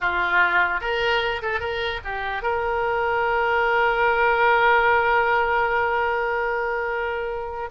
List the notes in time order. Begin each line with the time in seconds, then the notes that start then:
0.00 F4
0.80 A#4
1.42 A4
1.59 A#4
2.04 G4
2.42 A#4